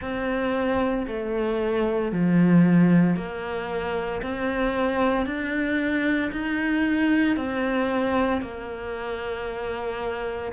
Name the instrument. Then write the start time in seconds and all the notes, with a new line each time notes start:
cello
0.00 C4
1.07 A3
2.11 F3
3.16 A#3
4.22 C4
5.25 D4
6.32 D#4
7.36 C4
8.41 A#3